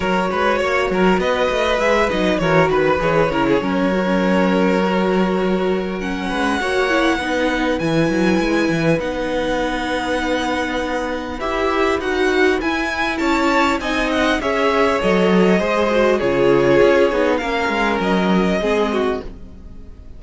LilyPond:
<<
  \new Staff \with { instrumentName = "violin" } { \time 4/4 \tempo 4 = 100 cis''2 dis''4 e''8 dis''8 | cis''8 b'8 cis''2.~ | cis''2 fis''2~ | fis''4 gis''2 fis''4~ |
fis''2. e''4 | fis''4 gis''4 a''4 gis''8 fis''8 | e''4 dis''2 cis''4~ | cis''4 f''4 dis''2 | }
  \new Staff \with { instrumentName = "violin" } { \time 4/4 ais'8 b'8 cis''8 ais'8 b'2 | ais'8 b'4 ais'16 gis'16 ais'2~ | ais'2~ ais'8 b'8 cis''4 | b'1~ |
b'1~ | b'2 cis''4 dis''4 | cis''2 c''4 gis'4~ | gis'4 ais'2 gis'8 fis'8 | }
  \new Staff \with { instrumentName = "viola" } { \time 4/4 fis'2. gis'8 dis'8 | fis'4 gis'8 e'8 cis'8 fis'16 cis'4~ cis'16 | fis'2 cis'4 fis'8 e'8 | dis'4 e'2 dis'4~ |
dis'2. g'4 | fis'4 e'2 dis'4 | gis'4 a'4 gis'8 fis'8 f'4~ | f'8 dis'8 cis'2 c'4 | }
  \new Staff \with { instrumentName = "cello" } { \time 4/4 fis8 gis8 ais8 fis8 b8 a8 gis8 fis8 | e8 dis8 e8 cis8 fis2~ | fis2~ fis8 gis8 ais4 | b4 e8 fis8 gis8 e8 b4~ |
b2. e'4 | dis'4 e'4 cis'4 c'4 | cis'4 fis4 gis4 cis4 | cis'8 b8 ais8 gis8 fis4 gis4 | }
>>